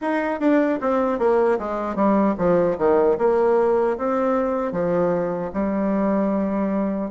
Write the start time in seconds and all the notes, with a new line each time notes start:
0.01 D#4
0.39 D4
0.81 C4
1.18 A#3
1.58 G#3
1.95 G3
2.38 F3
2.78 D#3
3.18 A#3
3.97 C4
4.72 F3
5.53 G3